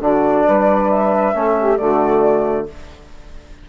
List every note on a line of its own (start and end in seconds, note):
0.00 0.44 D3
0.00 1.34 D4
0.00 0.46 F#4
0.00 0.90 D5
0.46 1.34 G3
0.46 1.35 B4
0.90 1.77 E5
1.34 1.79 A3
1.34 1.78 C#4
1.34 1.57 A4
1.59 1.80 G4
1.77 2.69 D3
1.77 2.68 A3
1.77 2.69 F#4
1.77 2.66 D5